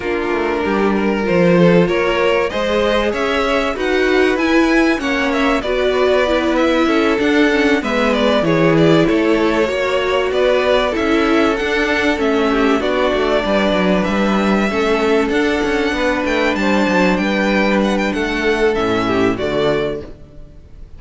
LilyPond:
<<
  \new Staff \with { instrumentName = "violin" } { \time 4/4 \tempo 4 = 96 ais'2 c''4 cis''4 | dis''4 e''4 fis''4 gis''4 | fis''8 e''8 d''4. e''4 fis''8~ | fis''8 e''8 d''8 cis''8 d''8 cis''4.~ |
cis''8 d''4 e''4 fis''4 e''8~ | e''8 d''2 e''4.~ | e''8 fis''4. g''8 a''4 g''8~ | g''8 fis''16 g''16 fis''4 e''4 d''4 | }
  \new Staff \with { instrumentName = "violin" } { \time 4/4 f'4 g'8 ais'4 a'8 ais'4 | c''4 cis''4 b'2 | cis''4 b'2 a'4~ | a'8 b'4 gis'4 a'4 cis''8~ |
cis''8 b'4 a'2~ a'8 | g'8 fis'4 b'2 a'8~ | a'4. b'4 c''4 b'8~ | b'4 a'4. g'8 fis'4 | }
  \new Staff \with { instrumentName = "viola" } { \time 4/4 d'2 f'2 | gis'2 fis'4 e'4 | cis'4 fis'4 e'4. d'8 | cis'8 b4 e'2 fis'8~ |
fis'4. e'4 d'4 cis'8~ | cis'8 d'2. cis'8~ | cis'8 d'2.~ d'8~ | d'2 cis'4 a4 | }
  \new Staff \with { instrumentName = "cello" } { \time 4/4 ais8 a8 g4 f4 ais4 | gis4 cis'4 dis'4 e'4 | ais4 b2 cis'8 d'8~ | d'8 gis4 e4 a4 ais8~ |
ais8 b4 cis'4 d'4 a8~ | a8 b8 a8 g8 fis8 g4 a8~ | a8 d'8 cis'8 b8 a8 g8 fis8 g8~ | g4 a4 a,4 d4 | }
>>